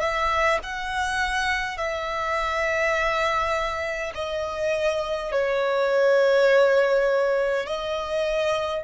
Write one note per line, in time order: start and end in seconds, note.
0.00 0.59 E5
0.63 1.78 F#5
1.78 4.13 E5
4.15 5.32 D#5
5.32 7.66 C#5
7.66 8.83 D#5